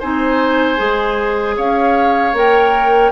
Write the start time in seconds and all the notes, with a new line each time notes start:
0.00 C4 D#4 C5 G#5
0.77 G#3 G#4
1.57 C#4 C#5 F5
2.33 A#3 A#4 G5